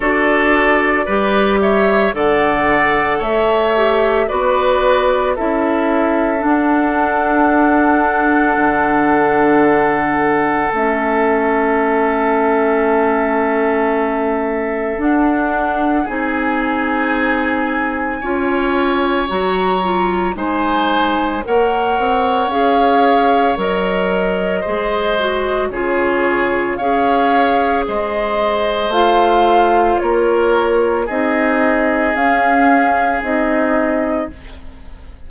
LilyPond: <<
  \new Staff \with { instrumentName = "flute" } { \time 4/4 \tempo 4 = 56 d''4. e''8 fis''4 e''4 | d''4 e''4 fis''2~ | fis''2 e''2~ | e''2 fis''4 gis''4~ |
gis''2 ais''4 gis''4 | fis''4 f''4 dis''2 | cis''4 f''4 dis''4 f''4 | cis''4 dis''4 f''4 dis''4 | }
  \new Staff \with { instrumentName = "oboe" } { \time 4/4 a'4 b'8 cis''8 d''4 cis''4 | b'4 a'2.~ | a'1~ | a'2. gis'4~ |
gis'4 cis''2 c''4 | cis''2. c''4 | gis'4 cis''4 c''2 | ais'4 gis'2. | }
  \new Staff \with { instrumentName = "clarinet" } { \time 4/4 fis'4 g'4 a'4. g'8 | fis'4 e'4 d'2~ | d'2 cis'2~ | cis'2 d'4 dis'4~ |
dis'4 f'4 fis'8 f'8 dis'4 | ais'4 gis'4 ais'4 gis'8 fis'8 | f'4 gis'2 f'4~ | f'4 dis'4 cis'4 dis'4 | }
  \new Staff \with { instrumentName = "bassoon" } { \time 4/4 d'4 g4 d4 a4 | b4 cis'4 d'2 | d2 a2~ | a2 d'4 c'4~ |
c'4 cis'4 fis4 gis4 | ais8 c'8 cis'4 fis4 gis4 | cis4 cis'4 gis4 a4 | ais4 c'4 cis'4 c'4 | }
>>